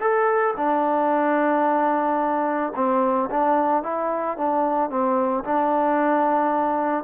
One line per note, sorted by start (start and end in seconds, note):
0.00 0.54 A4
0.57 2.73 D4
2.75 3.29 C4
3.30 3.83 D4
3.83 4.37 E4
4.38 4.90 D4
4.90 5.44 C4
5.44 7.04 D4